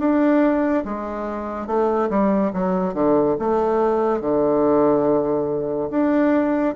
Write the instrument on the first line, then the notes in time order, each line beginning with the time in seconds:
bassoon
0.00 D4
0.85 G#3
1.67 A3
2.10 G3
2.54 F#3
2.95 D3
3.40 A3
4.21 D3
5.91 D4